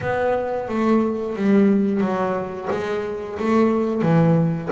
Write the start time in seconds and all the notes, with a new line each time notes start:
0.00 B3
0.68 A3
1.36 G3
2.00 F#3
2.71 G#3
3.39 A3
4.01 E3